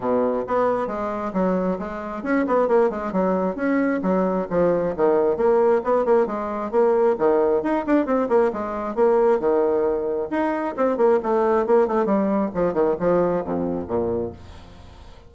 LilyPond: \new Staff \with { instrumentName = "bassoon" } { \time 4/4 \tempo 4 = 134 b,4 b4 gis4 fis4 | gis4 cis'8 b8 ais8 gis8 fis4 | cis'4 fis4 f4 dis4 | ais4 b8 ais8 gis4 ais4 |
dis4 dis'8 d'8 c'8 ais8 gis4 | ais4 dis2 dis'4 | c'8 ais8 a4 ais8 a8 g4 | f8 dis8 f4 f,4 ais,4 | }